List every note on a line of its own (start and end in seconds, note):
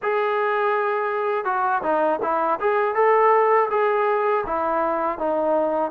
0.02 1.44 G#4
1.44 1.81 F#4
1.82 2.19 D#4
2.22 2.59 E4
2.59 2.95 G#4
2.95 3.69 A4
3.70 4.44 G#4
4.46 5.18 E4
5.18 5.91 D#4